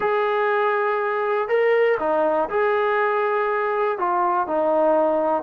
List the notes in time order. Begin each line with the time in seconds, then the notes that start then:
0.00 G#4
1.48 A#4
1.99 D#4
2.49 G#4
3.98 F4
4.47 D#4